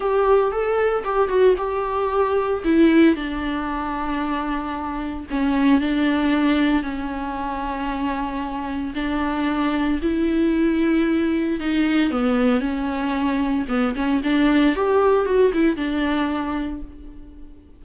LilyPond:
\new Staff \with { instrumentName = "viola" } { \time 4/4 \tempo 4 = 114 g'4 a'4 g'8 fis'8 g'4~ | g'4 e'4 d'2~ | d'2 cis'4 d'4~ | d'4 cis'2.~ |
cis'4 d'2 e'4~ | e'2 dis'4 b4 | cis'2 b8 cis'8 d'4 | g'4 fis'8 e'8 d'2 | }